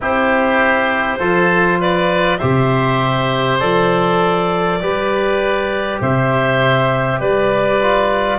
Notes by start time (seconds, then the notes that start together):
0.01 C4 E4 G4 C5
1.19 F3 F4 A4
1.80 B4 D5
2.38 C3 G4 C5 E5
3.60 F3 A4 D5
4.80 G3 G4 B4
6.01 C3 C5 E5
7.20 G3 B4 D5
7.82 F4